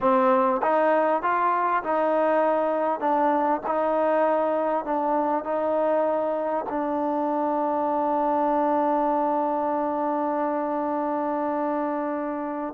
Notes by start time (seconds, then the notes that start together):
0.00 C4
0.62 D#4
1.22 F4
1.83 D#4
3.00 D4
3.66 D#4
4.84 D4
5.44 D#4
6.69 D4